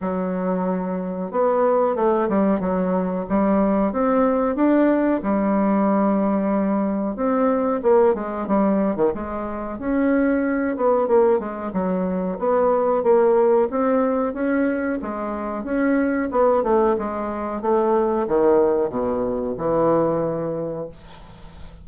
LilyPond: \new Staff \with { instrumentName = "bassoon" } { \time 4/4 \tempo 4 = 92 fis2 b4 a8 g8 | fis4 g4 c'4 d'4 | g2. c'4 | ais8 gis8 g8. dis16 gis4 cis'4~ |
cis'8 b8 ais8 gis8 fis4 b4 | ais4 c'4 cis'4 gis4 | cis'4 b8 a8 gis4 a4 | dis4 b,4 e2 | }